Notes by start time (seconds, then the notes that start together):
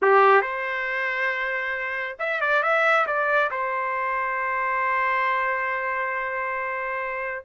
0.02 G4
0.41 C5
2.19 E5
2.40 D5
2.62 E5
3.06 D5
3.50 C5